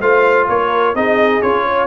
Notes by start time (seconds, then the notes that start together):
0.00 A3 F4 C5 F5
0.48 A#3 A#4 C#5
0.94 C4 D#4 G#4 D#5
1.41 C#4 F4 C#5
1.64 C#5